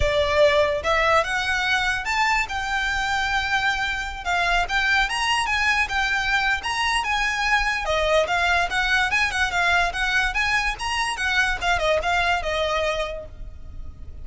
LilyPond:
\new Staff \with { instrumentName = "violin" } { \time 4/4 \tempo 4 = 145 d''2 e''4 fis''4~ | fis''4 a''4 g''2~ | g''2~ g''16 f''4 g''8.~ | g''16 ais''4 gis''4 g''4.~ g''16 |
ais''4 gis''2 dis''4 | f''4 fis''4 gis''8 fis''8 f''4 | fis''4 gis''4 ais''4 fis''4 | f''8 dis''8 f''4 dis''2 | }